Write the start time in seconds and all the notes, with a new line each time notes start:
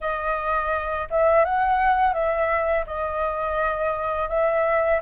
0.00 D#5
1.10 E5
1.44 F#5
2.13 E5
2.86 D#5
4.29 E5